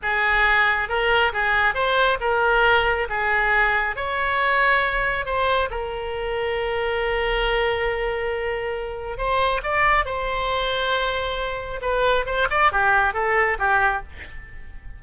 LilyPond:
\new Staff \with { instrumentName = "oboe" } { \time 4/4 \tempo 4 = 137 gis'2 ais'4 gis'4 | c''4 ais'2 gis'4~ | gis'4 cis''2. | c''4 ais'2.~ |
ais'1~ | ais'4 c''4 d''4 c''4~ | c''2. b'4 | c''8 d''8 g'4 a'4 g'4 | }